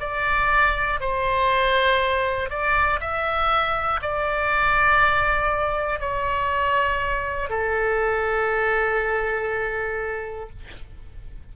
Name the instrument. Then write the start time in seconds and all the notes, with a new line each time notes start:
oboe
0.00 D5
1.00 C5
2.50 D5
3.00 E5
4.02 D5
6.00 C#5
7.50 A4